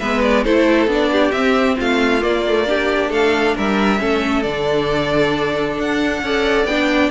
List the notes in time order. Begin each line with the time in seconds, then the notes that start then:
0.00 G#3 B3 B4 E5
0.23 D5
0.44 A3 E4 A4 C5
0.87 B3 D4 D5
1.12 G4
1.32 C4 E5
1.78 A3 F4 F5
2.21 A#3 D5
2.48 A3
2.67 D4 G4
3.10 A3 A4 F5
3.56 G3 A#4 E5
3.99 A3 C#4 A4
4.43 D3 D4 D5
5.78 D4 F#5
6.22 C#4 A4 D5
6.65 B3 D4 G5